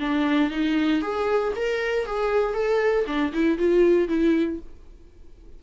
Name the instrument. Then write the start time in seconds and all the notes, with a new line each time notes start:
viola
0.00 D4
0.51 D#4
1.02 G#4
1.56 A#4
2.06 G#4
2.54 A4
3.07 D4
3.33 E4
3.58 F4
4.08 E4